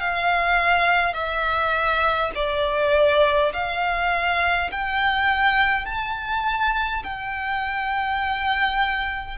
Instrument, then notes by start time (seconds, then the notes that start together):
violin
0.00 F5
1.14 E5
2.35 D5
3.53 F5
4.72 G5
5.86 A5
7.04 G5